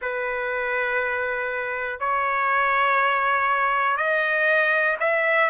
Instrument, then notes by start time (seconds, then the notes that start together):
trumpet
0.01 B4
1.99 C#5
3.96 D#5
5.00 E5